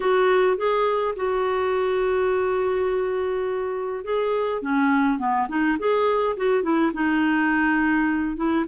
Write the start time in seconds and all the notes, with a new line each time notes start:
0.00 F#4
0.57 G#4
1.15 F#4
4.04 G#4
4.62 C#4
5.18 B3
5.48 D#4
5.78 G#4
6.36 F#4
6.62 E4
6.93 D#4
8.36 E4